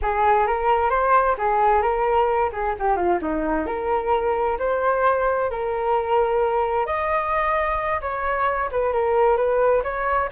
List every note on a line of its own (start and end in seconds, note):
0.02 0.46 G#4
0.46 0.90 A#4
0.90 1.35 C5
1.38 1.82 G#4
1.82 2.50 A#4
2.52 2.75 G#4
2.79 2.96 G4
2.96 3.19 F4
3.21 3.66 D#4
3.66 4.57 A#4
4.58 5.50 C5
5.50 6.86 A#4
6.86 8.00 D#5
8.01 8.69 C#5
8.71 8.92 B4
8.92 9.36 A#4
9.36 9.82 B4
9.83 10.29 C#5